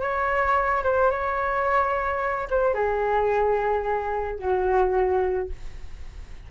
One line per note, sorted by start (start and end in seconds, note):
0.00 0.83 C#5
0.83 1.10 C5
1.10 2.48 C#5
2.50 2.74 C5
2.74 4.38 G#4
4.38 5.48 F#4